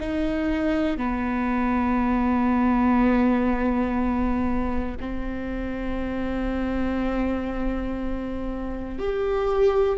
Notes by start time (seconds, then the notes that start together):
0.00 D#4
0.97 B3
5.00 C4
8.98 G4